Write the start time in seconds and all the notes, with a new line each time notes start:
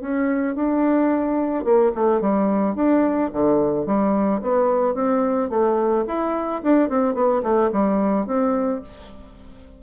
0.00 C#4
0.55 D4
1.64 A#3
1.94 A3
2.20 G3
2.75 D4
3.32 D3
3.86 G3
4.41 B3
4.94 C4
5.49 A3
6.07 E4
6.63 D4
6.89 C4
7.14 B3
7.43 A3
7.71 G3
8.26 C4